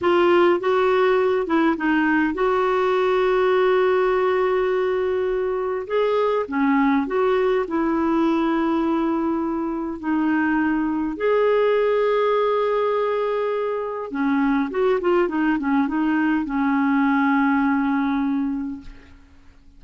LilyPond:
\new Staff \with { instrumentName = "clarinet" } { \time 4/4 \tempo 4 = 102 f'4 fis'4. e'8 dis'4 | fis'1~ | fis'2 gis'4 cis'4 | fis'4 e'2.~ |
e'4 dis'2 gis'4~ | gis'1 | cis'4 fis'8 f'8 dis'8 cis'8 dis'4 | cis'1 | }